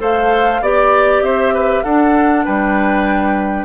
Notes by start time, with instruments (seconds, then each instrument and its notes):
0.00 bassoon A3, clarinet A4, oboe C5, flute F5
0.61 bassoon B3, clarinet G4, oboe D5, flute D5
1.22 bassoon C4, oboe C5, flute E5
1.54 oboe B4
1.84 bassoon D4, clarinet D4, oboe A4, flute F#5
2.45 bassoon G3, oboe B4, flute G5